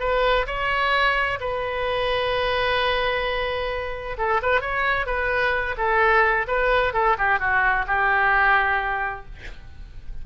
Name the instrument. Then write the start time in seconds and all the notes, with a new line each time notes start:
oboe
0.00 B4
0.47 C#5
1.40 B4
4.18 A4
4.42 B4
4.61 C#5
5.06 B4
5.77 A4
6.47 B4
6.94 A4
7.18 G4
7.39 F#4
7.87 G4